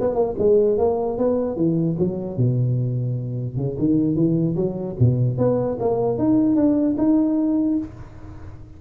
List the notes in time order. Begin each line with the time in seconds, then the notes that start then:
0.00 B3
0.14 A#3
0.38 G#3
0.77 A#3
1.17 B3
1.56 E3
1.98 F#3
2.37 B2
3.56 C#3
3.78 D#3
4.15 E3
4.56 F#3
4.99 B2
5.37 B3
5.79 A#3
6.18 D#4
6.56 D4
6.97 D#4